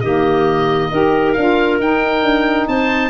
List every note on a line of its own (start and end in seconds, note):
0.00 0.90 D#3
0.00 0.92 A#3
0.00 0.90 G4
0.00 1.32 D#5
0.90 1.36 D#4
0.90 1.36 G4
0.90 2.67 A#4
1.32 1.79 D4
1.32 1.80 F4
1.32 1.77 F5
1.79 2.22 D#4
1.79 3.10 D#4
1.79 2.68 G5
2.22 2.67 D4
2.67 3.10 C4
2.67 3.10 C5
2.67 3.10 A5